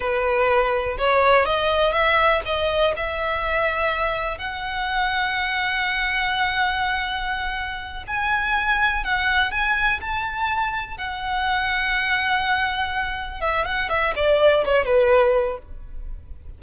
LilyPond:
\new Staff \with { instrumentName = "violin" } { \time 4/4 \tempo 4 = 123 b'2 cis''4 dis''4 | e''4 dis''4 e''2~ | e''4 fis''2.~ | fis''1~ |
fis''8 gis''2 fis''4 gis''8~ | gis''8 a''2 fis''4.~ | fis''2.~ fis''8 e''8 | fis''8 e''8 d''4 cis''8 b'4. | }